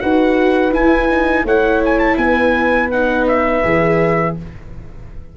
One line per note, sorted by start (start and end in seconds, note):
0.00 0.74 D#4
0.00 0.72 F#4
0.00 1.45 B4
0.00 0.72 F#5
0.72 1.08 E4
0.72 1.43 E4
0.72 1.46 G#5
1.10 1.46 D#4
1.43 2.16 A3
1.43 2.92 E4
1.43 2.17 C#5
1.43 1.83 F#5
1.85 1.99 G#5
1.99 2.17 A5
2.17 3.62 B3
2.17 4.36 B4
2.17 2.89 G#5
2.91 3.63 D#4
2.91 3.27 F#5
3.28 4.36 E5
3.63 4.37 E3
3.63 4.36 G#4